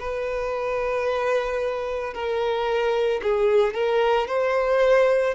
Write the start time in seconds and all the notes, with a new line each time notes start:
0.00 B4
2.14 A#4
3.23 G#4
3.74 A#4
4.28 C5